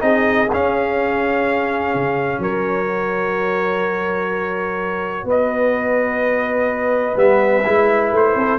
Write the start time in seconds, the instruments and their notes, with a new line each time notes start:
0.00 tuba C4, trombone D#4, horn G#4, trumpet D#5
0.52 tuba C#4, trombone C#4, trumpet F5
1.95 tuba C#3
2.39 tuba F#3, horn A#4, trumpet C#5
2.86 trombone F#4
5.25 tuba B3, horn B4, trumpet D#5
7.16 tuba G3, trombone B3, trumpet E5
7.65 tuba G#3, trombone E4
8.12 tuba A3, trumpet C5
8.35 tuba C4, horn A4